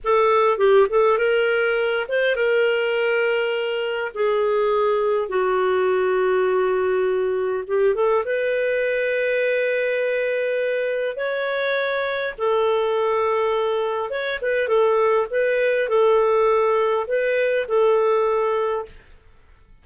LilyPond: \new Staff \with { instrumentName = "clarinet" } { \time 4/4 \tempo 4 = 102 a'4 g'8 a'8 ais'4. c''8 | ais'2. gis'4~ | gis'4 fis'2.~ | fis'4 g'8 a'8 b'2~ |
b'2. cis''4~ | cis''4 a'2. | cis''8 b'8 a'4 b'4 a'4~ | a'4 b'4 a'2 | }